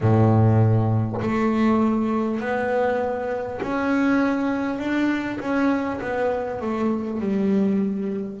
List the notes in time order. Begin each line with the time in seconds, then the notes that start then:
0.01 A2
1.21 A3
2.39 B3
3.62 C#4
4.78 D4
5.39 C#4
6.01 B3
6.61 A3
7.19 G3